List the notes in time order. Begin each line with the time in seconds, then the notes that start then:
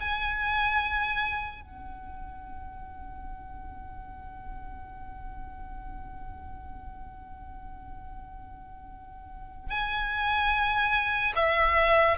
0.00 G#5
1.62 F#5
9.70 G#5
11.36 E5